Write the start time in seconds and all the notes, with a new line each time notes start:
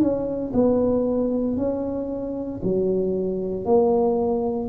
0.00 C#4
0.54 B3
1.57 C#4
2.63 F#3
3.65 A#3